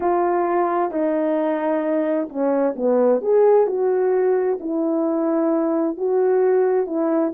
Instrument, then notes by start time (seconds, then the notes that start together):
horn
0.00 F4
0.91 D#4
2.29 C#4
2.76 B3
3.21 G#4
3.66 F#4
4.59 E4
5.97 F#4
6.86 E4